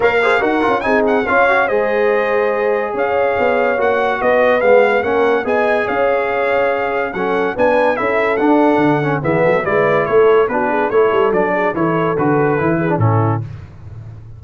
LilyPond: <<
  \new Staff \with { instrumentName = "trumpet" } { \time 4/4 \tempo 4 = 143 f''4 fis''4 gis''8 fis''8 f''4 | dis''2. f''4~ | f''4 fis''4 dis''4 f''4 | fis''4 gis''4 f''2~ |
f''4 fis''4 gis''4 e''4 | fis''2 e''4 d''4 | cis''4 b'4 cis''4 d''4 | cis''4 b'2 a'4 | }
  \new Staff \with { instrumentName = "horn" } { \time 4/4 cis''8 c''8 ais'4 gis'4 cis''4 | c''2. cis''4~ | cis''2 b'2 | ais'4 dis''4 cis''2~ |
cis''4 a'4 b'4 a'4~ | a'2 gis'8 a'8 b'4 | a'4 fis'8 gis'8 a'4. gis'8 | a'2~ a'8 gis'8 e'4 | }
  \new Staff \with { instrumentName = "trombone" } { \time 4/4 ais'8 gis'8 fis'8 f'8 dis'4 f'8 fis'8 | gis'1~ | gis'4 fis'2 b4 | cis'4 gis'2.~ |
gis'4 cis'4 d'4 e'4 | d'4. cis'8 b4 e'4~ | e'4 d'4 e'4 d'4 | e'4 fis'4 e'8. d'16 cis'4 | }
  \new Staff \with { instrumentName = "tuba" } { \time 4/4 ais4 dis'8 cis'8 c'4 cis'4 | gis2. cis'4 | b4 ais4 b4 gis4 | ais4 b4 cis'2~ |
cis'4 fis4 b4 cis'4 | d'4 d4 e8 fis8 gis4 | a4 b4 a8 g8 fis4 | e4 d4 e4 a,4 | }
>>